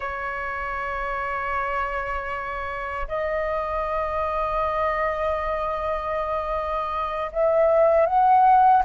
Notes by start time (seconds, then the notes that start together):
0.00 C#5
3.08 D#5
7.31 E5
8.06 F#5